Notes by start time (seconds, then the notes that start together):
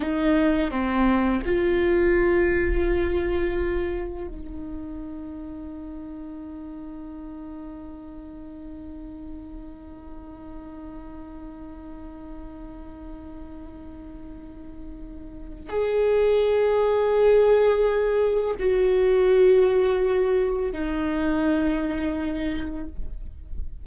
0.00 D#4
0.70 C4
1.44 F4
4.27 D#4
15.69 G#4
18.59 F#4
20.72 D#4